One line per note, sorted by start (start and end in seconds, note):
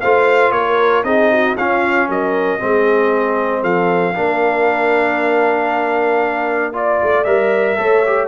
0.00 0.51 A3
0.00 1.04 F4
0.00 0.53 C5
0.00 0.52 F5
0.51 1.03 A#3
0.51 1.05 A#4
0.51 1.03 C#5
1.04 1.55 C4
1.04 1.56 D#4
1.04 1.31 G#4
1.04 1.55 D#5
1.31 1.56 F#4
1.56 2.08 C#4
1.56 2.59 C#4
1.56 2.08 F4
1.56 2.09 F5
2.08 2.60 F#3
2.08 2.59 A#4
2.08 3.63 D#5
2.59 3.63 G#3
2.59 4.14 C4
2.59 3.61 G#4
3.61 4.15 F3
3.61 4.13 A4
3.61 6.73 F5
4.15 7.01 A#3
4.15 6.73 D4
4.15 6.73 A#4
6.73 7.24 F4
6.73 7.76 D5
6.73 7.24 D5
7.02 7.25 A3
7.24 7.77 G3
7.24 7.77 A#4
7.24 8.27 E5
7.77 8.28 A3
7.77 8.02 A4
7.77 8.28 C#5
8.06 8.28 G4